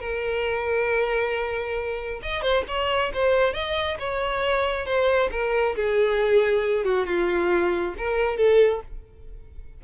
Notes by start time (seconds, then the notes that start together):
0.00 A#4
2.22 D#5
2.42 C5
2.68 C#5
3.14 C5
3.54 D#5
3.99 C#5
4.86 C5
5.31 A#4
5.76 G#4
6.85 F#4
7.06 F4
7.98 A#4
8.37 A4